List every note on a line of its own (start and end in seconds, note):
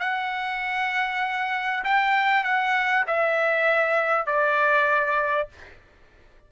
0.00 1.84 F#5
1.85 2.44 G5
2.44 3.05 F#5
3.07 4.26 E5
4.26 5.49 D5